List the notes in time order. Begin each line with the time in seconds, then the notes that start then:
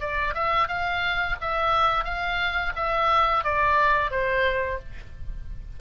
0.00 D5
0.35 E5
0.68 F5
1.41 E5
2.05 F5
2.76 E5
3.44 D5
4.11 C5